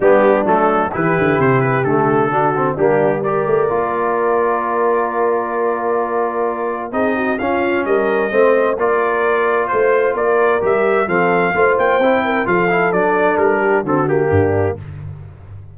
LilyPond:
<<
  \new Staff \with { instrumentName = "trumpet" } { \time 4/4 \tempo 4 = 130 g'4 a'4 b'4 c''8 b'8 | a'2 g'4 d''4~ | d''1~ | d''2. dis''4 |
f''4 dis''2 d''4~ | d''4 c''4 d''4 e''4 | f''4. g''4. f''4 | d''4 ais'4 a'8 g'4. | }
  \new Staff \with { instrumentName = "horn" } { \time 4/4 d'2 g'2~ | g'4 fis'4 d'4 ais'4~ | ais'1~ | ais'2. gis'8 fis'8 |
f'4 ais'4 c''4 ais'4~ | ais'4 c''4 ais'2 | a'4 c''4. ais'8 a'4~ | a'4. g'8 fis'4 d'4 | }
  \new Staff \with { instrumentName = "trombone" } { \time 4/4 b4 a4 e'2 | a4 d'8 c'8 ais4 g'4 | f'1~ | f'2. dis'4 |
cis'2 c'4 f'4~ | f'2. g'4 | c'4 f'4 e'4 f'8 e'8 | d'2 c'8 ais4. | }
  \new Staff \with { instrumentName = "tuba" } { \time 4/4 g4 fis4 e8 d8 c4 | d2 g4. a8 | ais1~ | ais2. c'4 |
cis'4 g4 a4 ais4~ | ais4 a4 ais4 g4 | f4 a8 ais8 c'4 f4 | fis4 g4 d4 g,4 | }
>>